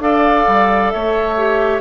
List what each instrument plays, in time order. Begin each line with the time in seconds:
0.00 bassoon D4, clarinet A4, oboe D5, flute F5
0.47 bassoon G3
0.91 bassoon A3, oboe C#5, flute E5
1.37 clarinet G4